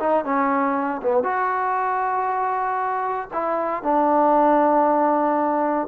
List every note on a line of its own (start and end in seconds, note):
0.00 0.25 D#4
0.25 1.02 C#4
1.03 1.24 B3
1.24 3.29 F#4
3.33 3.83 E4
3.83 5.88 D4